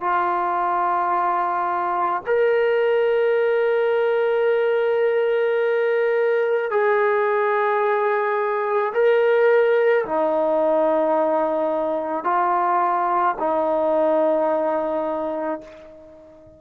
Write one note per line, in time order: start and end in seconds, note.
0.00 2.22 F4
2.26 6.70 A#4
6.70 8.92 G#4
8.93 10.04 A#4
10.05 12.23 D#4
12.23 13.34 F4
13.38 15.61 D#4